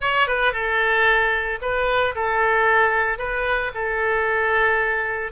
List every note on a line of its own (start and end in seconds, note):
0.00 0.27 C#5
0.27 0.53 B4
0.53 1.59 A4
1.61 2.14 B4
2.15 3.18 A4
3.18 3.71 B4
3.74 5.31 A4